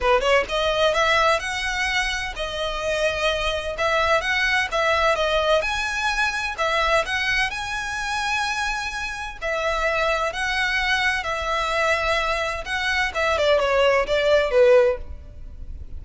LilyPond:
\new Staff \with { instrumentName = "violin" } { \time 4/4 \tempo 4 = 128 b'8 cis''8 dis''4 e''4 fis''4~ | fis''4 dis''2. | e''4 fis''4 e''4 dis''4 | gis''2 e''4 fis''4 |
gis''1 | e''2 fis''2 | e''2. fis''4 | e''8 d''8 cis''4 d''4 b'4 | }